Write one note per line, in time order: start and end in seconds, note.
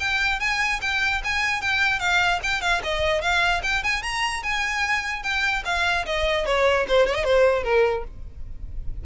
0.00 0.40 G5
0.40 0.80 G#5
0.81 1.22 G5
1.24 1.62 G#5
1.62 2.00 G5
2.00 2.40 F5
2.43 2.62 G5
2.62 2.82 F5
2.84 3.21 D#5
3.21 3.62 F5
3.63 3.83 G5
3.83 4.03 G#5
4.03 4.43 A#5
4.43 5.23 G#5
5.23 5.63 G5
5.65 6.05 F5
6.06 6.46 D#5
6.46 6.86 C#5
6.88 7.07 C5
7.07 7.15 C#5
7.15 7.24 D#5
7.24 7.64 C5
7.64 8.04 A#4